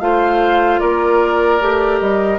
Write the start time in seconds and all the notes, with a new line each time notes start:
0.00 A3 F4 C5 F5
0.79 A#3 A#4 D5
1.60 A3 G4
2.00 G3 D#5